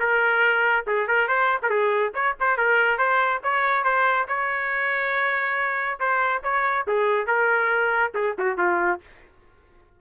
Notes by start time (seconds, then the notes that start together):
0.00 A#4
0.87 G#4
1.08 A#4
1.28 C5
1.63 A#4
1.70 G#4
2.15 C#5
2.40 C5
2.58 A#4
2.98 C5
3.43 C#5
3.84 C5
4.28 C#5
6.00 C5
6.43 C#5
6.88 G#4
7.27 A#4
8.15 G#4
8.39 F#4
8.58 F4